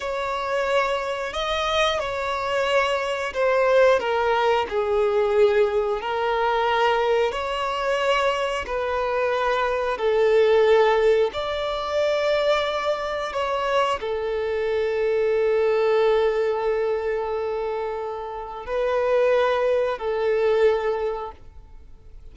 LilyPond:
\new Staff \with { instrumentName = "violin" } { \time 4/4 \tempo 4 = 90 cis''2 dis''4 cis''4~ | cis''4 c''4 ais'4 gis'4~ | gis'4 ais'2 cis''4~ | cis''4 b'2 a'4~ |
a'4 d''2. | cis''4 a'2.~ | a'1 | b'2 a'2 | }